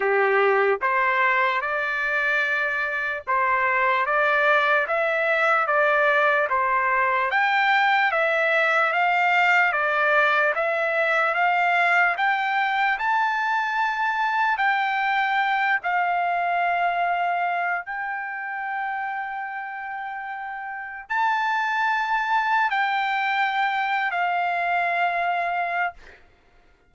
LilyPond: \new Staff \with { instrumentName = "trumpet" } { \time 4/4 \tempo 4 = 74 g'4 c''4 d''2 | c''4 d''4 e''4 d''4 | c''4 g''4 e''4 f''4 | d''4 e''4 f''4 g''4 |
a''2 g''4. f''8~ | f''2 g''2~ | g''2 a''2 | g''4.~ g''16 f''2~ f''16 | }